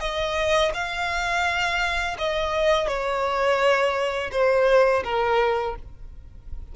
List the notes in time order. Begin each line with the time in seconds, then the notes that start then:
0.00 D#5
0.74 F5
2.19 D#5
2.87 C#5
4.31 C5
5.04 A#4